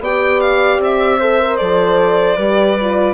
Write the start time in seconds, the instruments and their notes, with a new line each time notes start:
0.00 bassoon B3, horn G4, flute D5, violin G5
0.40 violin F5
0.78 bassoon C4, violin E5
1.19 horn A4, flute C5
1.40 horn A#4
1.56 bassoon F3, horn A4, violin D5
2.37 bassoon G3, horn G4, flute B4
2.81 horn F4